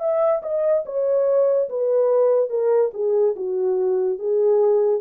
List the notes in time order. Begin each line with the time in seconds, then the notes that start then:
0.00 E5
0.42 D#5
0.86 C#5
1.69 B4
2.50 A#4
2.94 G#4
3.36 F#4
4.19 G#4